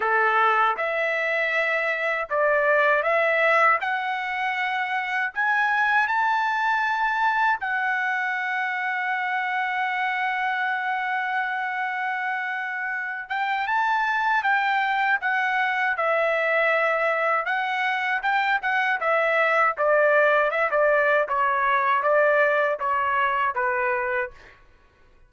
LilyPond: \new Staff \with { instrumentName = "trumpet" } { \time 4/4 \tempo 4 = 79 a'4 e''2 d''4 | e''4 fis''2 gis''4 | a''2 fis''2~ | fis''1~ |
fis''4. g''8 a''4 g''4 | fis''4 e''2 fis''4 | g''8 fis''8 e''4 d''4 e''16 d''8. | cis''4 d''4 cis''4 b'4 | }